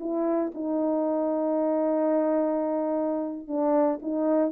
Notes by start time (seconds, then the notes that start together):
0.00 E4
0.54 D#4
3.47 D4
4.02 D#4